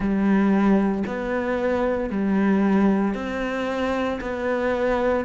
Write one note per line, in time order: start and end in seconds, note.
0.00 1.03 G3
1.07 2.10 B3
2.10 3.14 G3
3.14 4.19 C4
4.21 5.25 B3